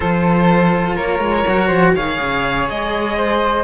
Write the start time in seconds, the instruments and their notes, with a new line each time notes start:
0.00 cello F3 F4, flute A4, violin C5
0.95 cello A#3, flute A#4, violin C#5
1.19 cello G#3
1.46 cello F#3 F#4
1.67 cello F3, flute C5
1.95 cello D#3 G#4, flute C#5, violin F5
2.20 cello C#3
2.69 cello G#3, violin D#5
3.17 flute C5